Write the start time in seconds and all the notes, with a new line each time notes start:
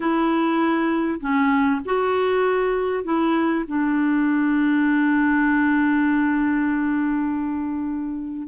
0.00 E4
1.20 C#4
1.85 F#4
3.04 E4
3.67 D4